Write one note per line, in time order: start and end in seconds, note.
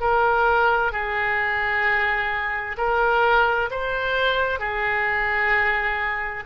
0.00 0.92 A#4
0.92 2.77 G#4
2.77 3.69 A#4
3.70 4.59 C5
4.59 6.44 G#4